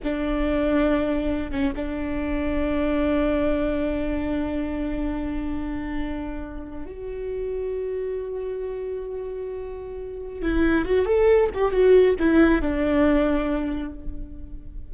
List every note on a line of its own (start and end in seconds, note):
0.03 1.51 D4
1.51 1.72 C#4
1.75 6.86 D4
6.86 10.42 F#4
10.42 10.85 E4
10.85 11.05 F#4
11.05 11.49 A4
11.53 11.71 G4
11.71 12.15 F#4
12.19 12.61 E4
12.61 13.92 D4